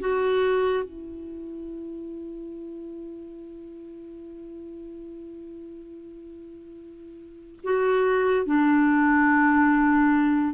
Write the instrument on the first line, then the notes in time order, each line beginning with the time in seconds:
clarinet
0.00 F#4
0.84 E4
7.64 F#4
8.46 D4